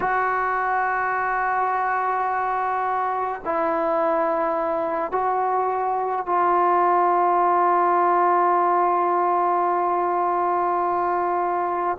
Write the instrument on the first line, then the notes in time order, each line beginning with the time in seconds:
trombone
0.00 F#4
3.44 E4
5.11 F#4
6.26 F4